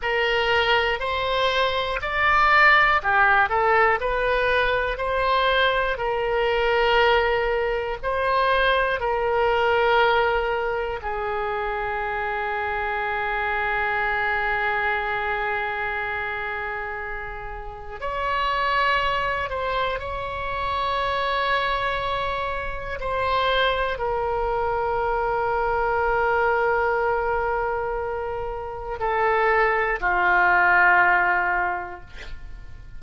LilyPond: \new Staff \with { instrumentName = "oboe" } { \time 4/4 \tempo 4 = 60 ais'4 c''4 d''4 g'8 a'8 | b'4 c''4 ais'2 | c''4 ais'2 gis'4~ | gis'1~ |
gis'2 cis''4. c''8 | cis''2. c''4 | ais'1~ | ais'4 a'4 f'2 | }